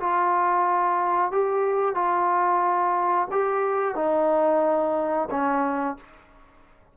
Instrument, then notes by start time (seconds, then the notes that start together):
trombone
0.00 F4
1.32 G4
1.95 F4
3.31 G4
3.95 D#4
5.30 C#4